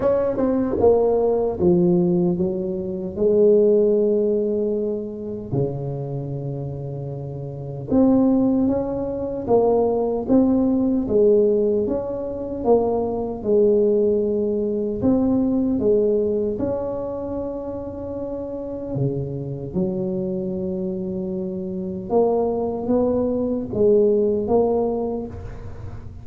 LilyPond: \new Staff \with { instrumentName = "tuba" } { \time 4/4 \tempo 4 = 76 cis'8 c'8 ais4 f4 fis4 | gis2. cis4~ | cis2 c'4 cis'4 | ais4 c'4 gis4 cis'4 |
ais4 gis2 c'4 | gis4 cis'2. | cis4 fis2. | ais4 b4 gis4 ais4 | }